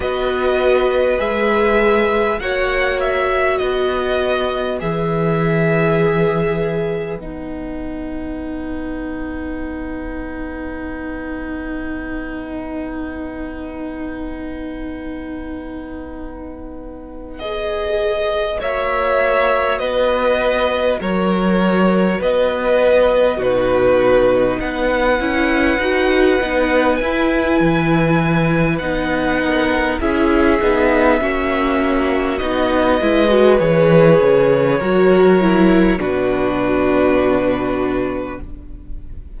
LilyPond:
<<
  \new Staff \with { instrumentName = "violin" } { \time 4/4 \tempo 4 = 50 dis''4 e''4 fis''8 e''8 dis''4 | e''2 fis''2~ | fis''1~ | fis''2~ fis''8 dis''4 e''8~ |
e''8 dis''4 cis''4 dis''4 b'8~ | b'8 fis''2 gis''4. | fis''4 e''2 dis''4 | cis''2 b'2 | }
  \new Staff \with { instrumentName = "violin" } { \time 4/4 b'2 cis''4 b'4~ | b'1~ | b'1~ | b'2.~ b'8 cis''8~ |
cis''8 b'4 ais'4 b'4 fis'8~ | fis'8 b'2.~ b'8~ | b'8 ais'8 gis'4 fis'4. b'8~ | b'4 ais'4 fis'2 | }
  \new Staff \with { instrumentName = "viola" } { \time 4/4 fis'4 gis'4 fis'2 | gis'2 dis'2~ | dis'1~ | dis'2~ dis'8 gis'4 fis'8~ |
fis'2.~ fis'8 dis'8~ | dis'4 e'8 fis'8 dis'8 e'4. | dis'4 e'8 dis'8 cis'4 dis'8 e'16 fis'16 | gis'4 fis'8 e'8 d'2 | }
  \new Staff \with { instrumentName = "cello" } { \time 4/4 b4 gis4 ais4 b4 | e2 b2~ | b1~ | b2.~ b8 ais8~ |
ais8 b4 fis4 b4 b,8~ | b,8 b8 cis'8 dis'8 b8 e'8 e4 | b4 cis'8 b8 ais4 b8 gis8 | e8 cis8 fis4 b,2 | }
>>